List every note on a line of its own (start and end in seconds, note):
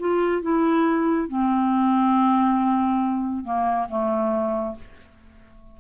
0.00 0.42 F4
0.42 1.29 E4
1.29 3.45 C4
3.45 3.88 A#3
3.89 4.76 A3